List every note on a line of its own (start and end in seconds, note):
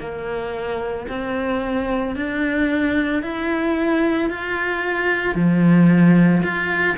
0.00 1.07 A#3
1.09 2.16 C4
2.16 3.23 D4
3.23 4.30 E4
4.30 5.35 F4
5.35 6.42 F3
6.43 6.97 F4